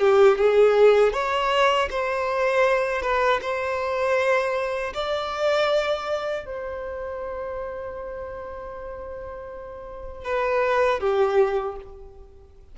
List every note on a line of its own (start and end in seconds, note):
0.00 0.38 G4
0.38 1.13 G#4
1.13 1.89 C#5
1.91 3.02 C5
3.02 3.40 B4
3.41 4.93 C5
4.94 6.46 D5
6.46 10.25 C5
10.25 11.00 B4
11.00 11.76 G4